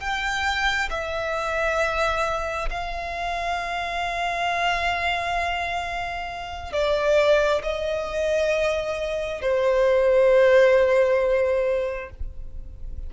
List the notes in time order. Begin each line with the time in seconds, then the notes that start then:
0.00 G5
0.90 E5
2.70 F5
6.73 D5
7.62 D#5
9.42 C5